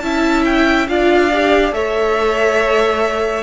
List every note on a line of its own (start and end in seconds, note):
0.00 0.88 C#4
0.00 0.88 E4
0.00 0.90 E5
0.00 0.43 A5
0.45 0.88 G5
0.88 1.72 D4
0.88 1.31 F4
0.88 1.74 D5
0.88 1.74 F5
1.33 1.72 G4
1.72 3.43 A3
1.72 3.43 A4
1.72 3.43 C#5
1.72 3.43 E5